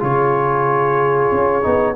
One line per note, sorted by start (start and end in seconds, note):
0.00 1.32 C#3
0.00 1.62 F4
0.00 1.96 G#4
0.00 1.96 C#5
1.32 1.64 C#4
1.62 1.96 B3
1.62 1.95 D#4